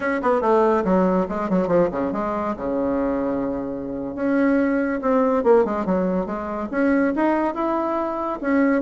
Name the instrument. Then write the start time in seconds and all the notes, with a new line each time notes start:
bassoon
0.00 C#4
0.21 B3
0.41 A3
0.84 F#3
1.28 G#3
1.49 F#3
1.67 F3
1.91 C#3
2.12 G#3
2.56 C#3
4.15 C#4
5.01 C4
5.43 A#3
5.64 G#3
5.85 F#3
6.26 G#3
6.71 C#4
7.15 D#4
7.54 E4
8.41 C#4